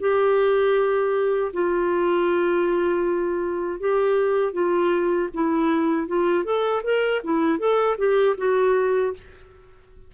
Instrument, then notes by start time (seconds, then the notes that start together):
clarinet
0.00 G4
1.53 F4
3.80 G4
4.53 F4
5.34 E4
6.08 F4
6.45 A4
6.84 A#4
7.24 E4
7.59 A4
7.98 G4
8.38 F#4